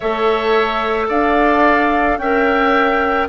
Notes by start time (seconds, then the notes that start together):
0.00 A3 A4 C#5 E5
1.08 D4 D5 F5
2.17 C#4 A#4 E5 G5